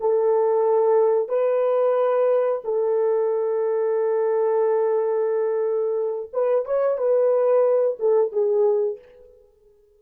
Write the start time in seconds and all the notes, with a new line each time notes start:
0.00 A4
1.28 B4
2.64 A4
6.33 B4
6.65 C#5
6.98 B4
7.99 A4
8.32 G#4